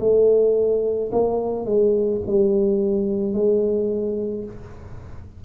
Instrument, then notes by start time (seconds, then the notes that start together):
tuba
0.00 A3
1.12 A#3
1.66 G#3
2.27 G3
3.34 G#3